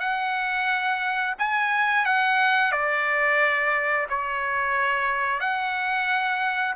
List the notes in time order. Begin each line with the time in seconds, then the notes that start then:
0.00 F#5
1.39 G#5
2.06 F#5
2.72 D5
4.09 C#5
5.40 F#5